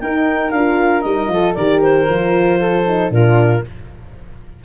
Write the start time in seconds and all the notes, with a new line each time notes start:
0.00 D#4 A#4 G5
0.50 D4 F4 F5
1.01 G3 D#4 D#5
1.28 F3 F4 A4
1.54 D#3 G4 A#4 D5
1.82 C5
2.07 F3 F4
2.60 A4
2.86 D#4
3.10 A#2 D4 F4 A#4